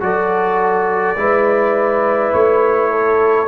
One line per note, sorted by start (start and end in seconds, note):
0.00 1.16 F#3
0.00 1.15 F#4
0.00 1.19 A4
0.00 2.33 D5
1.16 2.32 G#3
1.16 3.47 E4
1.16 2.90 B4
2.33 3.47 A3
2.33 3.47 C#5
2.90 3.47 A4